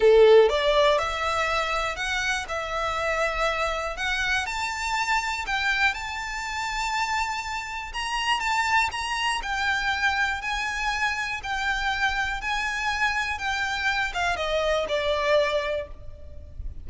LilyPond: \new Staff \with { instrumentName = "violin" } { \time 4/4 \tempo 4 = 121 a'4 d''4 e''2 | fis''4 e''2. | fis''4 a''2 g''4 | a''1 |
ais''4 a''4 ais''4 g''4~ | g''4 gis''2 g''4~ | g''4 gis''2 g''4~ | g''8 f''8 dis''4 d''2 | }